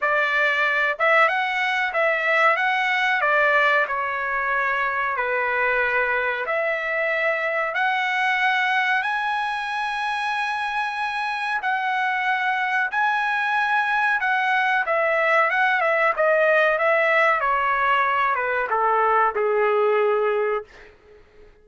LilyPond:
\new Staff \with { instrumentName = "trumpet" } { \time 4/4 \tempo 4 = 93 d''4. e''8 fis''4 e''4 | fis''4 d''4 cis''2 | b'2 e''2 | fis''2 gis''2~ |
gis''2 fis''2 | gis''2 fis''4 e''4 | fis''8 e''8 dis''4 e''4 cis''4~ | cis''8 b'8 a'4 gis'2 | }